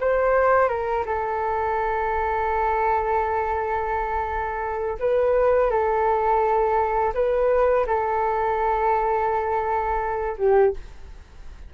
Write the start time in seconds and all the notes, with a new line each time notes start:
0.00 C5
0.69 A#4
1.05 A4
4.99 B4
5.70 A4
7.14 B4
7.86 A4
10.38 G4